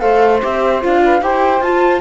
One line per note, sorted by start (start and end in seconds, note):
0.00 0.42 A3
0.00 0.41 A4
0.00 1.02 C5
0.00 0.40 F5
0.42 0.85 C4
0.42 0.82 G4
0.42 0.84 E5
0.82 1.22 D4
0.82 1.22 F4
0.82 1.23 F5
1.04 1.23 B4
1.22 1.61 E4
1.22 1.62 G4
1.22 2.01 C5
1.22 1.63 G5
1.61 2.01 F4
1.61 2.01 A5